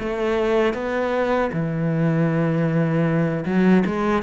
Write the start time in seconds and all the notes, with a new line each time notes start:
0.00 A3
0.74 B3
1.53 E3
3.46 F#3
3.86 G#3